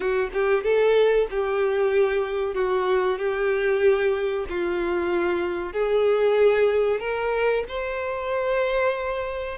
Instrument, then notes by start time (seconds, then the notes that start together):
violin
0.00 F#4
0.33 G4
0.63 A4
1.30 G4
2.54 F#4
3.18 G4
4.49 F4
5.72 G#4
7.00 A#4
7.68 C5